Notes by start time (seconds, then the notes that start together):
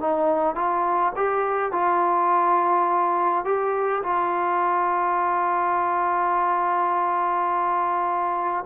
0.00 D#4
0.55 F4
1.15 G4
1.72 F4
3.44 G4
4.03 F4